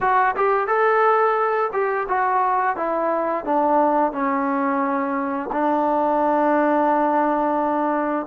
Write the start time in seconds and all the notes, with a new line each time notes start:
0.00 F#4
0.36 G4
0.67 A4
1.72 G4
2.08 F#4
2.76 E4
3.44 D4
4.12 C#4
5.52 D4